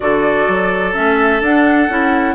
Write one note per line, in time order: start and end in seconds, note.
0.00 0.47 D3
0.00 0.93 F#4
0.00 2.34 A4
0.00 0.94 D5
0.47 0.95 F#3
0.93 1.41 A3
0.93 1.40 C#4
0.93 1.41 E5
1.41 1.88 D4
1.41 1.89 D4
1.41 2.34 F#5
1.89 2.34 C#4
1.89 2.34 E4